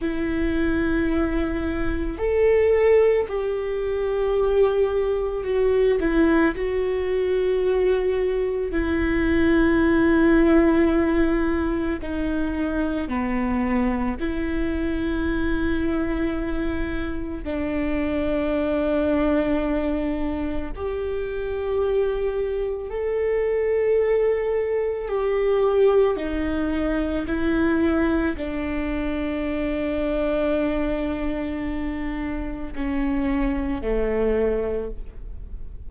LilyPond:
\new Staff \with { instrumentName = "viola" } { \time 4/4 \tempo 4 = 55 e'2 a'4 g'4~ | g'4 fis'8 e'8 fis'2 | e'2. dis'4 | b4 e'2. |
d'2. g'4~ | g'4 a'2 g'4 | dis'4 e'4 d'2~ | d'2 cis'4 a4 | }